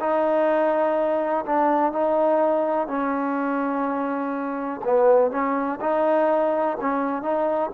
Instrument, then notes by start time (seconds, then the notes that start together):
trombone
0.00 D#4
1.46 D4
1.92 D#4
2.87 C#4
4.84 B3
5.31 C#4
5.81 D#4
6.80 C#4
7.22 D#4